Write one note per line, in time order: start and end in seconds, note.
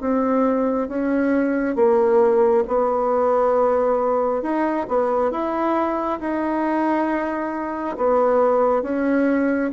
0.00 0.88 C4
0.88 1.75 C#4
1.75 2.64 A#3
2.67 4.42 B3
4.42 4.86 D#4
4.88 5.31 B3
5.31 6.19 E4
6.20 7.96 D#4
7.97 8.82 B3
8.82 9.70 C#4